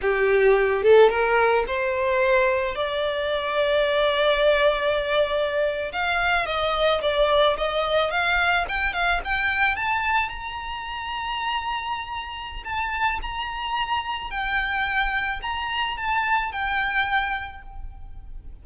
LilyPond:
\new Staff \with { instrumentName = "violin" } { \time 4/4 \tempo 4 = 109 g'4. a'8 ais'4 c''4~ | c''4 d''2.~ | d''2~ d''8. f''4 dis''16~ | dis''8. d''4 dis''4 f''4 g''16~ |
g''16 f''8 g''4 a''4 ais''4~ ais''16~ | ais''2. a''4 | ais''2 g''2 | ais''4 a''4 g''2 | }